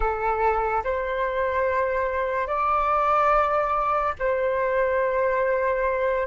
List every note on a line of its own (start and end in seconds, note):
0.00 0.83 A4
0.83 2.47 C5
2.47 4.13 D5
4.19 6.27 C5